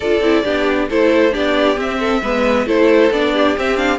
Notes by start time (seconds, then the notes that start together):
0.00 D4 F4 A4 D5
0.20 C4 E4
0.44 B3 D4 G4
0.89 A3 E4 A4 C5
1.31 B3 D4 G4 D5
1.75 C4 E5
1.99 A4
2.22 G#3 B3 B4
2.66 A3 E4 A4 C5
3.10 B3 D4 D5
3.32 G4
3.56 C4 E5
3.76 D4 F5